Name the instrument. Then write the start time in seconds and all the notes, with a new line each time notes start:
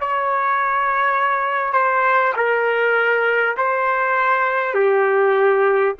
trumpet
0.00 C#5
1.73 C5
2.36 A#4
3.57 C5
4.74 G4